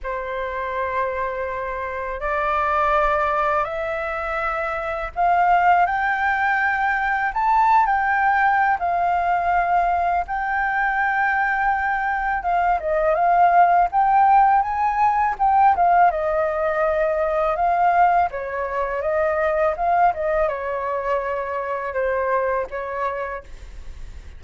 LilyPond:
\new Staff \with { instrumentName = "flute" } { \time 4/4 \tempo 4 = 82 c''2. d''4~ | d''4 e''2 f''4 | g''2 a''8. g''4~ g''16 | f''2 g''2~ |
g''4 f''8 dis''8 f''4 g''4 | gis''4 g''8 f''8 dis''2 | f''4 cis''4 dis''4 f''8 dis''8 | cis''2 c''4 cis''4 | }